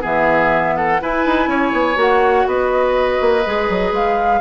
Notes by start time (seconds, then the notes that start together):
0.00 E3 B3 G#4 E5
0.76 A4 F#5
1.00 E4 B4 G#5
1.25 D#4
1.47 C#4 C#5
1.72 B3
1.94 A#3 F#4 F#5
2.46 B3 B4 D#5
3.21 A#3
3.46 G#3 G#4
3.69 F#3
3.91 G#3 F5